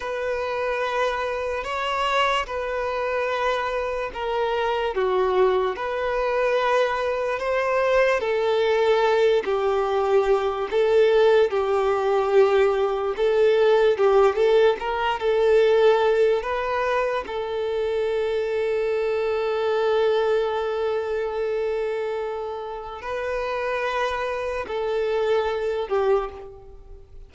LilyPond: \new Staff \with { instrumentName = "violin" } { \time 4/4 \tempo 4 = 73 b'2 cis''4 b'4~ | b'4 ais'4 fis'4 b'4~ | b'4 c''4 a'4. g'8~ | g'4 a'4 g'2 |
a'4 g'8 a'8 ais'8 a'4. | b'4 a'2.~ | a'1 | b'2 a'4. g'8 | }